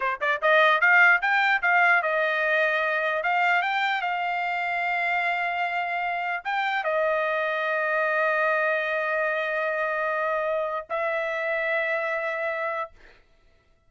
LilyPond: \new Staff \with { instrumentName = "trumpet" } { \time 4/4 \tempo 4 = 149 c''8 d''8 dis''4 f''4 g''4 | f''4 dis''2. | f''4 g''4 f''2~ | f''1 |
g''4 dis''2.~ | dis''1~ | dis''2. e''4~ | e''1 | }